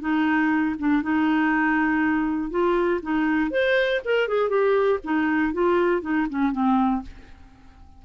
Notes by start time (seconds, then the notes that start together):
0.00 D#4
0.78 D4
1.02 D#4
2.50 F4
3.02 D#4
3.50 C5
4.05 A#4
4.27 G#4
4.49 G4
5.04 D#4
5.53 F4
6.01 D#4
6.29 C#4
6.52 C4